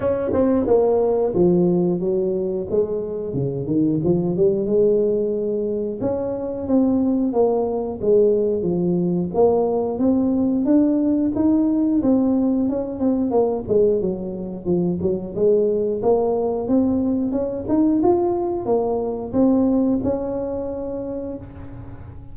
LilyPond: \new Staff \with { instrumentName = "tuba" } { \time 4/4 \tempo 4 = 90 cis'8 c'8 ais4 f4 fis4 | gis4 cis8 dis8 f8 g8 gis4~ | gis4 cis'4 c'4 ais4 | gis4 f4 ais4 c'4 |
d'4 dis'4 c'4 cis'8 c'8 | ais8 gis8 fis4 f8 fis8 gis4 | ais4 c'4 cis'8 dis'8 f'4 | ais4 c'4 cis'2 | }